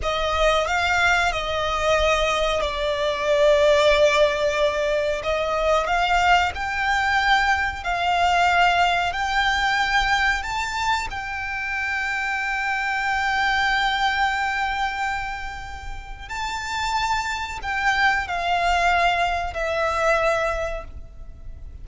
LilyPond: \new Staff \with { instrumentName = "violin" } { \time 4/4 \tempo 4 = 92 dis''4 f''4 dis''2 | d''1 | dis''4 f''4 g''2 | f''2 g''2 |
a''4 g''2.~ | g''1~ | g''4 a''2 g''4 | f''2 e''2 | }